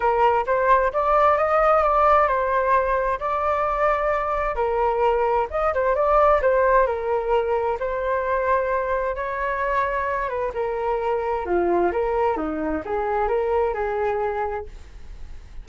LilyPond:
\new Staff \with { instrumentName = "flute" } { \time 4/4 \tempo 4 = 131 ais'4 c''4 d''4 dis''4 | d''4 c''2 d''4~ | d''2 ais'2 | dis''8 c''8 d''4 c''4 ais'4~ |
ais'4 c''2. | cis''2~ cis''8 b'8 ais'4~ | ais'4 f'4 ais'4 dis'4 | gis'4 ais'4 gis'2 | }